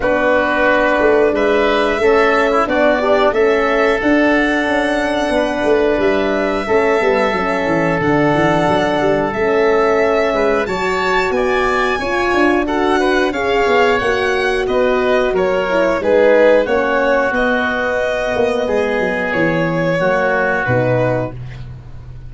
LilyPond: <<
  \new Staff \with { instrumentName = "violin" } { \time 4/4 \tempo 4 = 90 b'2 e''2 | d''4 e''4 fis''2~ | fis''4 e''2. | fis''2 e''2 |
a''4 gis''2 fis''4 | f''4 fis''4 dis''4 cis''4 | b'4 cis''4 dis''2~ | dis''4 cis''2 b'4 | }
  \new Staff \with { instrumentName = "oboe" } { \time 4/4 fis'2 b'4 a'8. e'16 | fis'8 d'8 a'2. | b'2 a'2~ | a'2.~ a'8 b'8 |
cis''4 d''4 cis''4 a'8 b'8 | cis''2 b'4 ais'4 | gis'4 fis'2. | gis'2 fis'2 | }
  \new Staff \with { instrumentName = "horn" } { \time 4/4 d'2. cis'4 | d'8 g'8 cis'4 d'2~ | d'2 cis'8 b8 cis'4 | d'2 cis'2 |
fis'2 f'4 fis'4 | gis'4 fis'2~ fis'8 e'8 | dis'4 cis'4 b2~ | b2 ais4 dis'4 | }
  \new Staff \with { instrumentName = "tuba" } { \time 4/4 b4. a8 gis4 a4 | b4 a4 d'4 cis'4 | b8 a8 g4 a8 g8 fis8 e8 | d8 e8 fis8 g8 a4. gis8 |
fis4 b4 cis'8 d'4. | cis'8 b8 ais4 b4 fis4 | gis4 ais4 b4. ais8 | gis8 fis8 e4 fis4 b,4 | }
>>